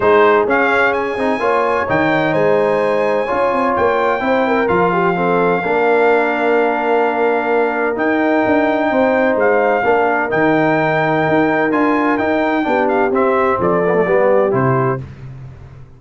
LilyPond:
<<
  \new Staff \with { instrumentName = "trumpet" } { \time 4/4 \tempo 4 = 128 c''4 f''4 gis''2 | g''4 gis''2. | g''2 f''2~ | f''1~ |
f''4 g''2. | f''2 g''2~ | g''4 gis''4 g''4. f''8 | e''4 d''2 c''4 | }
  \new Staff \with { instrumentName = "horn" } { \time 4/4 gis'2. cis''4~ | cis''4 c''2 cis''4~ | cis''4 c''8 ais'4 g'8 a'4 | ais'1~ |
ais'2. c''4~ | c''4 ais'2.~ | ais'2. g'4~ | g'4 a'4 g'2 | }
  \new Staff \with { instrumentName = "trombone" } { \time 4/4 dis'4 cis'4. dis'8 f'4 | dis'2. f'4~ | f'4 e'4 f'4 c'4 | d'1~ |
d'4 dis'2.~ | dis'4 d'4 dis'2~ | dis'4 f'4 dis'4 d'4 | c'4. b16 a16 b4 e'4 | }
  \new Staff \with { instrumentName = "tuba" } { \time 4/4 gis4 cis'4. c'8 ais4 | dis4 gis2 cis'8 c'8 | ais4 c'4 f2 | ais1~ |
ais4 dis'4 d'4 c'4 | gis4 ais4 dis2 | dis'4 d'4 dis'4 b4 | c'4 f4 g4 c4 | }
>>